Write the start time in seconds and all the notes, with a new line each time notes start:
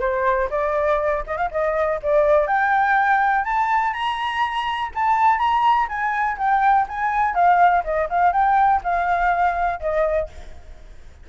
0.00 C5
0.50 D5
1.27 D#5
1.37 F5
1.51 D#5
2.02 D5
2.47 G5
3.44 A5
3.93 A#5
4.94 A5
5.38 A#5
5.88 G#5
6.37 G5
6.88 G#5
7.35 F5
7.84 D#5
8.09 F5
8.32 G5
8.83 F5
9.80 D#5